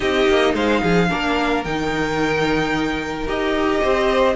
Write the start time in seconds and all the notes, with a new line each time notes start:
0.00 C4 D#4 G4 D#5
0.27 A#3
0.54 G#3 C5 F5
0.81 F3 G#4
1.09 A#3 D4 A#4
1.64 D#3 D#4 G5
3.26 D#4 G4 D#5
3.82 C4 C5